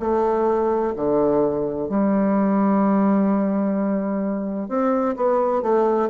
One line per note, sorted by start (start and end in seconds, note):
0.00 0.94 A3
0.96 1.89 D3
1.89 4.69 G3
4.69 5.16 C4
5.16 5.62 B3
5.62 6.09 A3